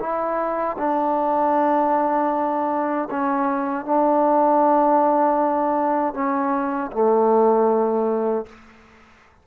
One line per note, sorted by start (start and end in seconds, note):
0.00 0.77 E4
0.78 3.09 D4
3.10 3.86 C#4
3.86 6.14 D4
6.14 6.91 C#4
6.92 8.46 A3